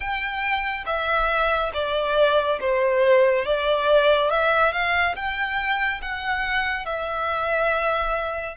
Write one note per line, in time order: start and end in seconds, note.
0.00 0.84 G5
0.86 1.71 E5
1.73 2.59 D5
2.60 3.45 C5
3.45 4.30 D5
4.30 4.72 E5
4.72 5.15 F5
5.15 6.01 G5
6.01 6.85 F#5
6.85 8.56 E5